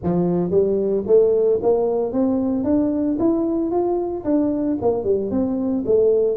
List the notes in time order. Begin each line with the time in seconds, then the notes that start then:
0.03 F3
0.50 G3
1.06 A3
1.62 A#3
2.12 C4
2.64 D4
3.19 E4
3.71 F4
4.24 D4
4.81 A#3
5.04 G3
5.30 C4
5.86 A3